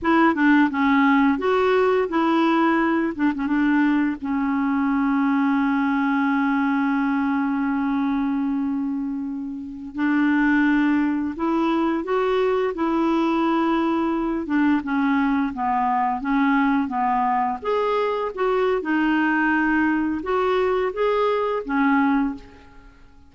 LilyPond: \new Staff \with { instrumentName = "clarinet" } { \time 4/4 \tempo 4 = 86 e'8 d'8 cis'4 fis'4 e'4~ | e'8 d'16 cis'16 d'4 cis'2~ | cis'1~ | cis'2~ cis'16 d'4.~ d'16~ |
d'16 e'4 fis'4 e'4.~ e'16~ | e'8. d'8 cis'4 b4 cis'8.~ | cis'16 b4 gis'4 fis'8. dis'4~ | dis'4 fis'4 gis'4 cis'4 | }